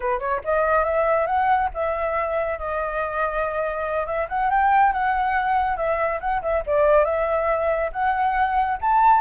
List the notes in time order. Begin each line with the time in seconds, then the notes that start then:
0.00 B4
0.19 C#5
0.44 D#5
0.84 E5
1.26 F#5
1.74 E5
2.58 D#5
4.06 E5
4.28 F#5
4.50 G5
4.92 F#5
5.76 E5
6.20 F#5
6.41 E5
6.66 D5
7.05 E5
7.92 F#5
8.81 A5